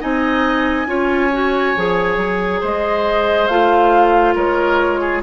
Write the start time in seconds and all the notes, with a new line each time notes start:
0.00 C4 D#4 D#5 G#5
0.86 C#4 F4 C#5
1.32 F#4
1.76 F3 G#4
2.16 F#3
2.60 G#3 C5 D#5
3.47 A3 F4 F5
4.34 G#3 A#4 C#5
5.00 G#4